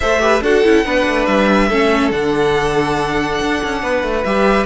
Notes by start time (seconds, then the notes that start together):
0.00 A3 A4 C5 E5
0.20 G4 B4
0.41 D4 F#4 A4 F#5
0.63 C#4 E4
0.85 B3 D4 B4
1.06 A3
1.25 G3 E5
1.69 A3 C#4 A4
2.11 D3 D4 F#5
3.41 D4
3.63 C#4
3.82 B3 B4
4.02 A3
4.24 G3 G4 E5